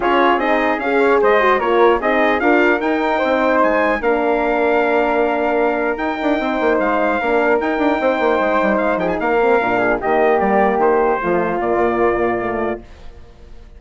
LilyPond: <<
  \new Staff \with { instrumentName = "trumpet" } { \time 4/4 \tempo 4 = 150 cis''4 dis''4 f''4 dis''4 | cis''4 dis''4 f''4 g''4~ | g''4 gis''4 f''2~ | f''2. g''4~ |
g''4 f''2 g''4~ | g''2 f''8 g''16 gis''16 f''4~ | f''4 dis''4 d''4 c''4~ | c''4 d''2. | }
  \new Staff \with { instrumentName = "flute" } { \time 4/4 gis'2~ gis'8 cis''8 c''4 | ais'4 gis'4 ais'2 | c''2 ais'2~ | ais'1 |
c''2 ais'2 | c''2~ c''8 gis'8 ais'4~ | ais'8 gis'8 g'2. | f'1 | }
  \new Staff \with { instrumentName = "horn" } { \time 4/4 f'4 dis'4 gis'4. fis'8 | f'4 dis'4 f'4 dis'4~ | dis'2 d'2~ | d'2. dis'4~ |
dis'2 d'4 dis'4~ | dis'2.~ dis'8 c'8 | d'4 ais2. | a4 ais2 a4 | }
  \new Staff \with { instrumentName = "bassoon" } { \time 4/4 cis'4 c'4 cis'4 gis4 | ais4 c'4 d'4 dis'4 | c'4 gis4 ais2~ | ais2. dis'8 d'8 |
c'8 ais8 gis4 ais4 dis'8 d'8 | c'8 ais8 gis8 g8 gis8 f8 ais4 | ais,4 dis4 g4 dis4 | f4 ais,2. | }
>>